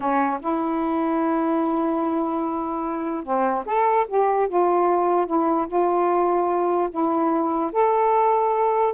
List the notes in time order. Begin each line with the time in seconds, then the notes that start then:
0.00 C#4
0.40 E4
3.23 C4
3.65 A4
4.07 G4
4.48 F4
5.26 E4
5.67 F4
6.90 E4
7.72 A4